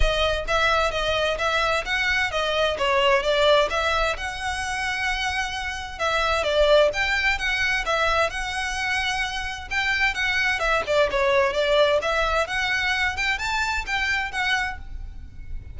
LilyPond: \new Staff \with { instrumentName = "violin" } { \time 4/4 \tempo 4 = 130 dis''4 e''4 dis''4 e''4 | fis''4 dis''4 cis''4 d''4 | e''4 fis''2.~ | fis''4 e''4 d''4 g''4 |
fis''4 e''4 fis''2~ | fis''4 g''4 fis''4 e''8 d''8 | cis''4 d''4 e''4 fis''4~ | fis''8 g''8 a''4 g''4 fis''4 | }